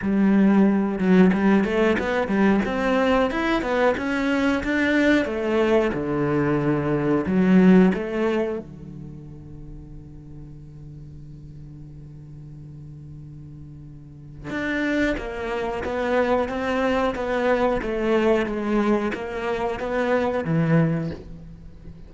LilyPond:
\new Staff \with { instrumentName = "cello" } { \time 4/4 \tempo 4 = 91 g4. fis8 g8 a8 b8 g8 | c'4 e'8 b8 cis'4 d'4 | a4 d2 fis4 | a4 d2.~ |
d1~ | d2 d'4 ais4 | b4 c'4 b4 a4 | gis4 ais4 b4 e4 | }